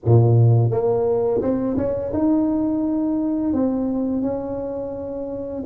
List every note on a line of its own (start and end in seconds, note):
0.05 0.70 A#2
0.70 1.41 A#3
1.41 1.76 C4
1.77 2.12 C#4
2.13 3.53 D#4
3.53 4.22 C4
4.22 5.63 C#4